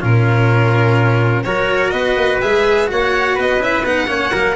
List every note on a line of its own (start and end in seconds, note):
0.00 1.45 A#2
0.00 1.44 C#4
0.00 1.45 F4
0.00 1.43 A#4
1.43 1.93 F#3
1.43 2.42 F#4
1.43 1.93 A#4
1.43 1.90 C#5
1.90 2.16 B3
1.90 2.89 B4
1.90 2.38 D#5
2.16 2.40 A#3
2.41 2.91 G#3
2.41 2.87 G#4
2.41 2.89 E5
2.87 3.39 A#3
2.87 3.59 F#4
2.87 3.35 C#5
2.87 3.39 F#5
3.35 3.59 B3
3.35 4.07 B4
3.35 3.63 D#5
3.59 3.83 C#4
3.59 3.84 E4
3.59 3.85 E5
3.85 4.08 B3
3.85 4.07 D#4
3.85 4.56 F#5
4.07 4.32 A#3
4.07 4.31 C#4
4.07 4.32 C#5
4.32 4.56 F#3
4.32 4.56 A#3
4.32 4.56 A#4